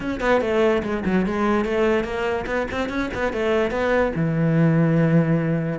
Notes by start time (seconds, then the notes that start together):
0.00 C#4
0.20 B3
0.41 A3
0.83 G#3
1.05 F#3
1.25 G#3
1.64 A3
2.04 A#3
2.46 B3
2.71 C4
2.89 C#4
3.14 B3
3.33 A3
3.71 B3
4.15 E3